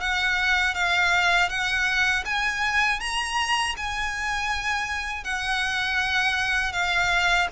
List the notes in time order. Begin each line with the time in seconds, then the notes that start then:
0.00 F#5
0.74 F5
1.49 F#5
2.25 G#5
3.00 A#5
3.76 G#5
5.24 F#5
6.72 F5